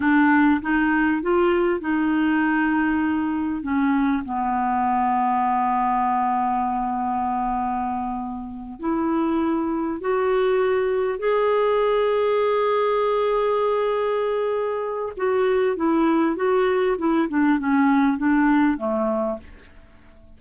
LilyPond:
\new Staff \with { instrumentName = "clarinet" } { \time 4/4 \tempo 4 = 99 d'4 dis'4 f'4 dis'4~ | dis'2 cis'4 b4~ | b1~ | b2~ b8 e'4.~ |
e'8 fis'2 gis'4.~ | gis'1~ | gis'4 fis'4 e'4 fis'4 | e'8 d'8 cis'4 d'4 a4 | }